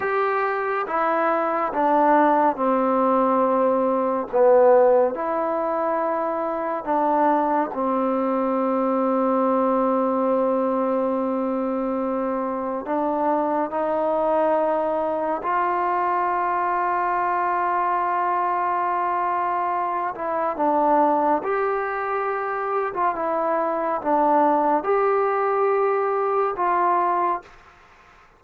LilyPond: \new Staff \with { instrumentName = "trombone" } { \time 4/4 \tempo 4 = 70 g'4 e'4 d'4 c'4~ | c'4 b4 e'2 | d'4 c'2.~ | c'2. d'4 |
dis'2 f'2~ | f'2.~ f'8 e'8 | d'4 g'4.~ g'16 f'16 e'4 | d'4 g'2 f'4 | }